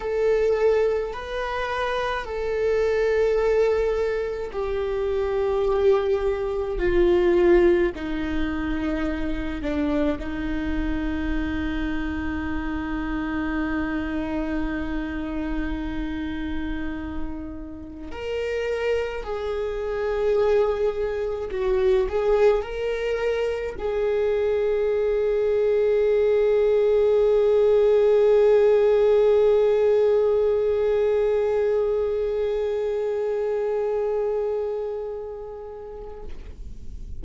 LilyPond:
\new Staff \with { instrumentName = "viola" } { \time 4/4 \tempo 4 = 53 a'4 b'4 a'2 | g'2 f'4 dis'4~ | dis'8 d'8 dis'2.~ | dis'1 |
ais'4 gis'2 fis'8 gis'8 | ais'4 gis'2.~ | gis'1~ | gis'1 | }